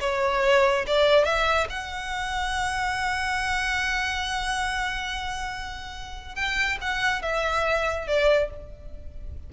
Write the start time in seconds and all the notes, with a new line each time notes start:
0.00 C#5
0.87 D5
1.25 E5
1.69 F#5
6.35 G5
6.81 F#5
7.22 E5
8.07 D5